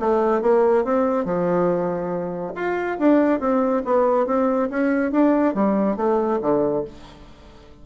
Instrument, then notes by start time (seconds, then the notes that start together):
bassoon
0.00 A3
0.42 A#3
0.85 C4
1.25 F3
2.56 F4
2.99 D4
3.41 C4
3.85 B3
4.27 C4
4.70 C#4
5.12 D4
5.55 G3
5.97 A3
6.42 D3